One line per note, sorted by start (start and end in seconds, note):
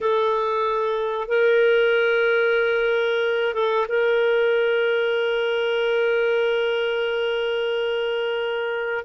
0.00 1.28 A4
1.28 3.53 A#4
3.54 3.86 A4
3.88 9.04 A#4